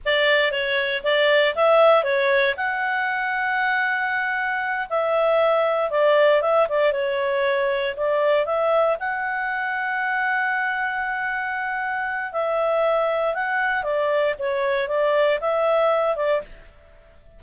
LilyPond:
\new Staff \with { instrumentName = "clarinet" } { \time 4/4 \tempo 4 = 117 d''4 cis''4 d''4 e''4 | cis''4 fis''2.~ | fis''4. e''2 d''8~ | d''8 e''8 d''8 cis''2 d''8~ |
d''8 e''4 fis''2~ fis''8~ | fis''1 | e''2 fis''4 d''4 | cis''4 d''4 e''4. d''8 | }